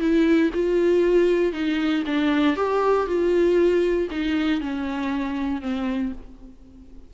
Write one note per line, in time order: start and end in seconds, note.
0.00 0.51 E4
0.54 1.53 F4
1.53 2.04 D#4
2.07 2.57 D4
2.57 3.07 G4
3.07 4.08 F4
4.11 4.61 D#4
4.61 5.62 C#4
5.62 6.12 C4